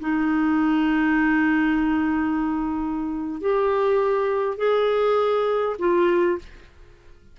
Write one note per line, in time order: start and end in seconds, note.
0.00 3.41 D#4
3.41 4.57 G4
4.57 5.76 G#4
5.79 6.38 F4